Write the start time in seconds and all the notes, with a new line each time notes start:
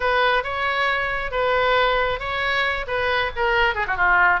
0.00 B4
0.43 C#5
1.31 B4
2.19 C#5
2.87 B4
3.35 A#4
3.74 G#4
3.87 F#4
3.96 F4